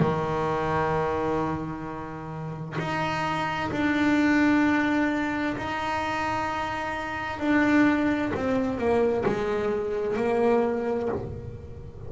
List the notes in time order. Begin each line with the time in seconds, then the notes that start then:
0.00 D#3
2.79 D#4
3.72 D4
5.58 D#4
7.40 D4
8.35 C4
8.79 A#3
9.26 G#3
10.17 A#3